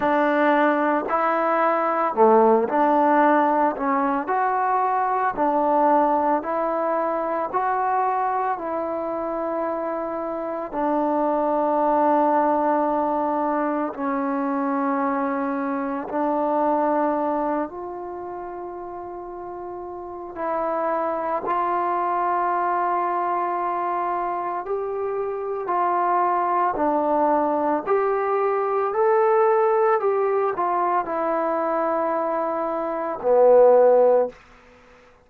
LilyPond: \new Staff \with { instrumentName = "trombone" } { \time 4/4 \tempo 4 = 56 d'4 e'4 a8 d'4 cis'8 | fis'4 d'4 e'4 fis'4 | e'2 d'2~ | d'4 cis'2 d'4~ |
d'8 f'2~ f'8 e'4 | f'2. g'4 | f'4 d'4 g'4 a'4 | g'8 f'8 e'2 b4 | }